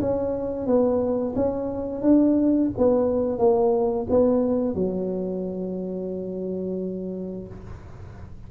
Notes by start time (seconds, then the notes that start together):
0.00 C#4
0.66 B3
1.35 C#4
2.02 D4
2.77 B3
3.38 A#3
4.09 B3
4.75 F#3